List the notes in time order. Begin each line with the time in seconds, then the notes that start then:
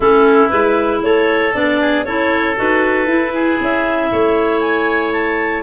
0.00 A3 C#4 E4 A4
0.49 G#3 E4 B4
1.02 A3 A4 C#5
1.53 B3 D4 D5
1.80 G#4
2.04 C#4 E4 A4 C#5
2.55 D#4 F#4 B4
3.06 E4
3.33 G#4
3.60 C#4 E5
4.11 A3 C#5
4.60 G#5
5.12 A5